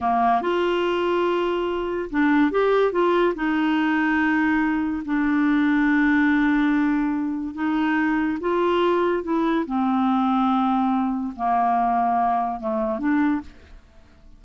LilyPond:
\new Staff \with { instrumentName = "clarinet" } { \time 4/4 \tempo 4 = 143 ais4 f'2.~ | f'4 d'4 g'4 f'4 | dis'1 | d'1~ |
d'2 dis'2 | f'2 e'4 c'4~ | c'2. ais4~ | ais2 a4 d'4 | }